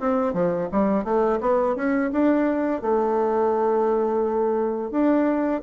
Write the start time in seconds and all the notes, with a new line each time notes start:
0.00 C4
0.33 F3
0.72 G3
1.04 A3
1.41 B3
1.76 C#4
2.12 D4
2.82 A3
4.91 D4